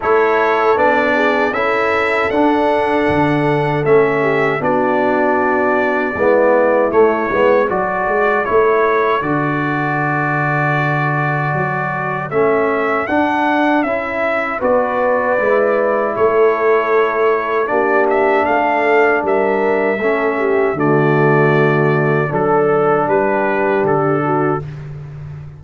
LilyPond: <<
  \new Staff \with { instrumentName = "trumpet" } { \time 4/4 \tempo 4 = 78 cis''4 d''4 e''4 fis''4~ | fis''4 e''4 d''2~ | d''4 cis''4 d''4 cis''4 | d''1 |
e''4 fis''4 e''4 d''4~ | d''4 cis''2 d''8 e''8 | f''4 e''2 d''4~ | d''4 a'4 b'4 a'4 | }
  \new Staff \with { instrumentName = "horn" } { \time 4/4 a'4. gis'8 a'2~ | a'4. g'8 fis'2 | e'2 a'2~ | a'1~ |
a'2. b'4~ | b'4 a'2 g'4 | a'4 ais'4 a'8 g'8 fis'4~ | fis'4 a'4 g'4. fis'8 | }
  \new Staff \with { instrumentName = "trombone" } { \time 4/4 e'4 d'4 e'4 d'4~ | d'4 cis'4 d'2 | b4 a8 b8 fis'4 e'4 | fis'1 |
cis'4 d'4 e'4 fis'4 | e'2. d'4~ | d'2 cis'4 a4~ | a4 d'2. | }
  \new Staff \with { instrumentName = "tuba" } { \time 4/4 a4 b4 cis'4 d'4 | d4 a4 b2 | gis4 a8 gis8 fis8 gis8 a4 | d2. fis4 |
a4 d'4 cis'4 b4 | gis4 a2 ais4 | a4 g4 a4 d4~ | d4 fis4 g4 d4 | }
>>